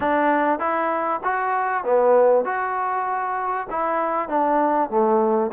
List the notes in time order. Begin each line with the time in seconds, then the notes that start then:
0.00 D4
0.59 E4
1.23 F#4
1.83 B3
2.45 F#4
3.70 E4
4.29 D4
4.90 A3